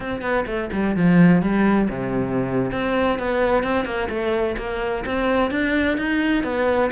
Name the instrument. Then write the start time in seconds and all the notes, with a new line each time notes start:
cello
0.00 C4
0.21 B3
0.46 A3
0.72 G3
0.95 F3
1.41 G3
1.89 C3
2.71 C4
3.19 B3
3.63 C4
3.85 A#3
4.09 A3
4.57 A#3
5.05 C4
5.51 D4
5.97 D#4
6.43 B3